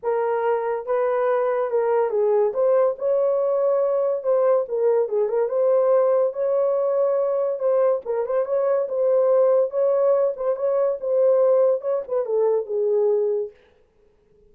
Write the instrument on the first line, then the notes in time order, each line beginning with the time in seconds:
horn
0.02 A#4
0.86 B4
1.70 A#4
2.10 G#4
2.53 C5
2.98 C#5
4.23 C5
4.68 A#4
5.09 G#4
5.28 A#4
5.48 C5
6.33 C#5
7.59 C5
8.05 A#4
8.26 C5
8.45 C#5
8.88 C5
9.70 C#5
10.36 C5
10.56 C#5
11.00 C5
11.81 C#5
12.07 B4
12.25 A4
12.65 G#4